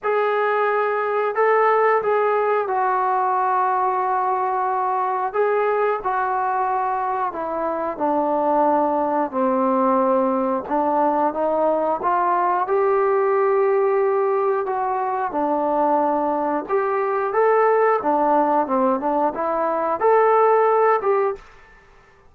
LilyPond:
\new Staff \with { instrumentName = "trombone" } { \time 4/4 \tempo 4 = 90 gis'2 a'4 gis'4 | fis'1 | gis'4 fis'2 e'4 | d'2 c'2 |
d'4 dis'4 f'4 g'4~ | g'2 fis'4 d'4~ | d'4 g'4 a'4 d'4 | c'8 d'8 e'4 a'4. g'8 | }